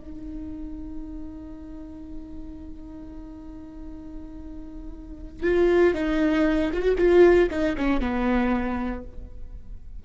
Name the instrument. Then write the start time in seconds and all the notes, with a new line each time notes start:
viola
0.00 D#4
5.43 F4
5.94 D#4
6.73 F4
6.82 F#4
6.98 F4
7.50 D#4
7.77 C#4
8.00 B3